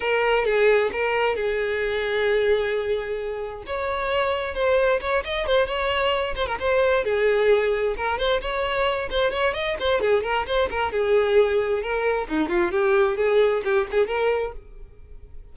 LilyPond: \new Staff \with { instrumentName = "violin" } { \time 4/4 \tempo 4 = 132 ais'4 gis'4 ais'4 gis'4~ | gis'1 | cis''2 c''4 cis''8 dis''8 | c''8 cis''4. c''16 ais'16 c''4 gis'8~ |
gis'4. ais'8 c''8 cis''4. | c''8 cis''8 dis''8 c''8 gis'8 ais'8 c''8 ais'8 | gis'2 ais'4 dis'8 f'8 | g'4 gis'4 g'8 gis'8 ais'4 | }